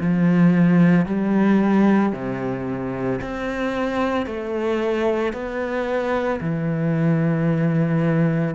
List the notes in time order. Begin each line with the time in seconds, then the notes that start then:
0.00 F3
1.05 G3
2.12 C3
3.21 C4
4.26 A3
5.33 B3
6.40 E3